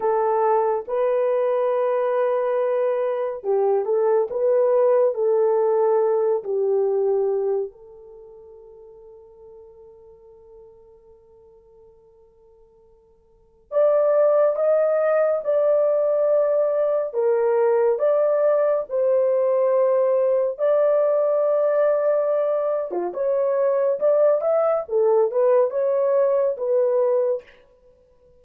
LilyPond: \new Staff \with { instrumentName = "horn" } { \time 4/4 \tempo 4 = 70 a'4 b'2. | g'8 a'8 b'4 a'4. g'8~ | g'4 a'2.~ | a'1 |
d''4 dis''4 d''2 | ais'4 d''4 c''2 | d''2~ d''8. f'16 cis''4 | d''8 e''8 a'8 b'8 cis''4 b'4 | }